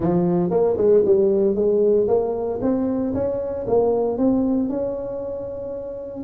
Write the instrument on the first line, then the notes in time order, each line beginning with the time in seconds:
tuba
0.00 F3
0.50 A#3
0.77 G#3
1.05 G3
1.55 G#3
2.07 A#3
2.61 C4
3.14 C#4
3.67 A#3
4.17 C4
4.69 C#4